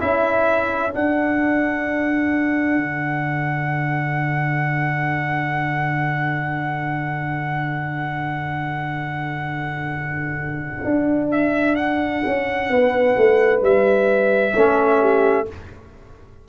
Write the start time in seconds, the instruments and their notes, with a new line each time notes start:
0.00 tuba C#4, trombone E4, horn A4, trumpet E5
0.92 trombone D4, tuba D4, trumpet F#5
2.78 tuba D3
10.85 tuba D4
11.32 trumpet E5
11.76 trumpet F#5
12.26 tuba C#4
12.71 tuba B3, horn B4
13.17 tuba A3
13.62 tuba G3, trumpet E5
14.53 tuba A3, trombone C#4, horn A4
15.01 horn G4